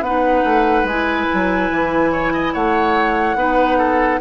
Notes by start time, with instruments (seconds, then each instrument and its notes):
0.00 bassoon B3, clarinet D#4, oboe B4, flute F#5
0.44 bassoon A3
0.83 bassoon G#3, clarinet E4, flute G#5
1.33 bassoon F#3
1.70 bassoon E3
2.11 oboe C#5
2.33 oboe D#5
2.53 bassoon A3, oboe C#5, flute F#5
3.35 bassoon B3, clarinet D#4, oboe B4
3.78 oboe A4